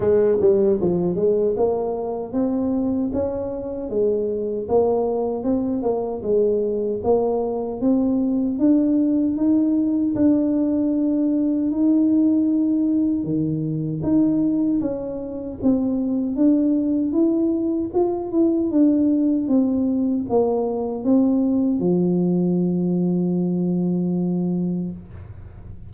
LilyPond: \new Staff \with { instrumentName = "tuba" } { \time 4/4 \tempo 4 = 77 gis8 g8 f8 gis8 ais4 c'4 | cis'4 gis4 ais4 c'8 ais8 | gis4 ais4 c'4 d'4 | dis'4 d'2 dis'4~ |
dis'4 dis4 dis'4 cis'4 | c'4 d'4 e'4 f'8 e'8 | d'4 c'4 ais4 c'4 | f1 | }